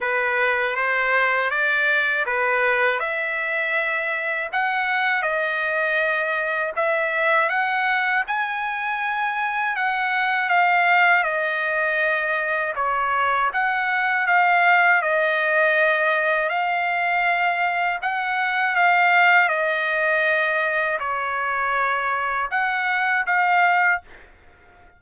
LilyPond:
\new Staff \with { instrumentName = "trumpet" } { \time 4/4 \tempo 4 = 80 b'4 c''4 d''4 b'4 | e''2 fis''4 dis''4~ | dis''4 e''4 fis''4 gis''4~ | gis''4 fis''4 f''4 dis''4~ |
dis''4 cis''4 fis''4 f''4 | dis''2 f''2 | fis''4 f''4 dis''2 | cis''2 fis''4 f''4 | }